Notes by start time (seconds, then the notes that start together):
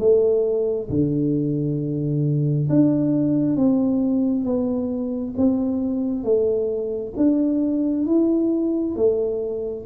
0.00 A3
0.90 D3
2.70 D4
3.57 C4
4.45 B3
5.37 C4
6.24 A3
7.17 D4
8.07 E4
8.96 A3